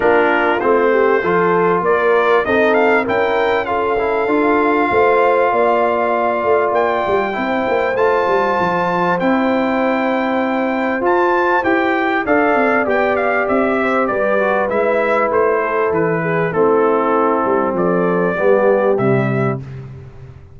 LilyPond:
<<
  \new Staff \with { instrumentName = "trumpet" } { \time 4/4 \tempo 4 = 98 ais'4 c''2 d''4 | dis''8 f''8 g''4 f''2~ | f''2. g''4~ | g''4 a''2 g''4~ |
g''2 a''4 g''4 | f''4 g''8 f''8 e''4 d''4 | e''4 c''4 b'4 a'4~ | a'4 d''2 e''4 | }
  \new Staff \with { instrumentName = "horn" } { \time 4/4 f'4. g'8 a'4 ais'4 | a'4 ais'4 a'2 | c''4 d''2. | c''1~ |
c''1 | d''2~ d''8 c''8 b'4~ | b'4. a'4 gis'8 e'4~ | e'4 a'4 g'2 | }
  \new Staff \with { instrumentName = "trombone" } { \time 4/4 d'4 c'4 f'2 | dis'4 e'4 f'8 e'8 f'4~ | f'1 | e'4 f'2 e'4~ |
e'2 f'4 g'4 | a'4 g'2~ g'8 fis'8 | e'2. c'4~ | c'2 b4 g4 | }
  \new Staff \with { instrumentName = "tuba" } { \time 4/4 ais4 a4 f4 ais4 | c'4 cis'2 d'4 | a4 ais4. a8 ais8 g8 | c'8 ais8 a8 g8 f4 c'4~ |
c'2 f'4 e'4 | d'8 c'8 b4 c'4 g4 | gis4 a4 e4 a4~ | a8 g8 f4 g4 c4 | }
>>